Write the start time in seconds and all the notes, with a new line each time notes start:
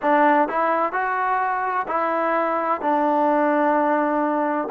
0.02 D4
0.48 E4
0.92 F#4
1.87 E4
2.81 D4